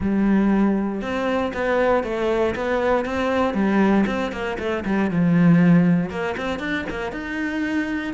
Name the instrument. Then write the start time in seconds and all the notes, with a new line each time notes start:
cello
0.00 G3
1.01 C4
1.53 B3
2.03 A3
2.55 B3
3.05 C4
3.54 G3
4.06 C4
4.32 A#3
4.58 A3
4.85 G3
5.10 F3
6.10 A#3
6.37 C4
6.59 D4
6.89 A#3
7.11 D#4